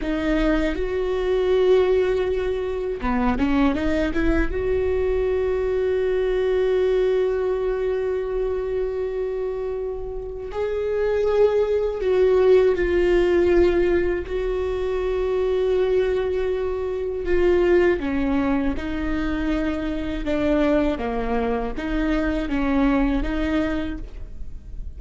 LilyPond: \new Staff \with { instrumentName = "viola" } { \time 4/4 \tempo 4 = 80 dis'4 fis'2. | b8 cis'8 dis'8 e'8 fis'2~ | fis'1~ | fis'2 gis'2 |
fis'4 f'2 fis'4~ | fis'2. f'4 | cis'4 dis'2 d'4 | ais4 dis'4 cis'4 dis'4 | }